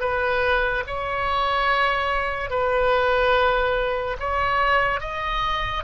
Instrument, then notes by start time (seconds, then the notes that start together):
oboe
0.00 B4
0.87 C#5
2.50 B4
4.19 C#5
5.00 D#5